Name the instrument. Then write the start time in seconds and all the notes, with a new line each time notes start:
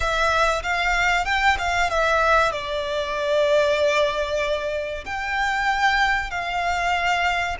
violin
0.00 E5
0.62 F5
1.25 G5
1.58 F5
1.89 E5
2.51 D5
5.05 G5
6.30 F5